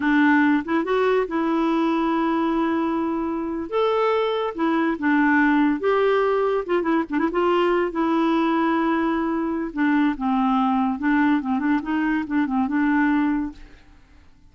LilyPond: \new Staff \with { instrumentName = "clarinet" } { \time 4/4 \tempo 4 = 142 d'4. e'8 fis'4 e'4~ | e'1~ | e'8. a'2 e'4 d'16~ | d'4.~ d'16 g'2 f'16~ |
f'16 e'8 d'16 e'16 f'4. e'4~ e'16~ | e'2. d'4 | c'2 d'4 c'8 d'8 | dis'4 d'8 c'8 d'2 | }